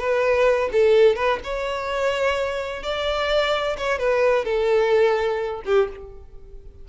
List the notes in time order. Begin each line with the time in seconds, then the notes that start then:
0.00 B4
0.73 A4
1.16 B4
1.44 C#5
2.83 D5
3.78 C#5
3.99 B4
4.45 A4
5.66 G4